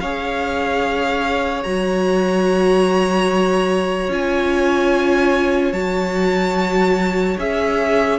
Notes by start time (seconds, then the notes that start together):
0.00 C#4 G#4 C#5 F5
1.63 F#3 F#4 A#5
4.09 C#4 F4 G#5
5.73 F#3 F#4 A5
7.38 C#4 G#4 E5